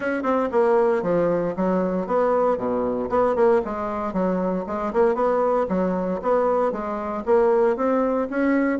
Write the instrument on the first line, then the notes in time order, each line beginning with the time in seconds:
bassoon
0.00 C#4
0.22 C4
0.51 A#3
1.02 F3
1.56 F#3
2.06 B3
2.57 B2
3.09 B3
3.35 A#3
3.65 G#3
4.13 F#3
4.67 G#3
4.93 A#3
5.14 B3
5.68 F#3
6.22 B3
6.72 G#3
7.25 A#3
7.76 C4
8.29 C#4